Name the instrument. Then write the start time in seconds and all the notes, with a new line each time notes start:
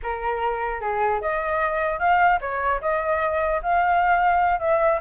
flute
0.03 A#4
0.81 G#4
1.21 D#5
1.99 F5
2.41 C#5
2.81 D#5
3.62 F5
4.59 E5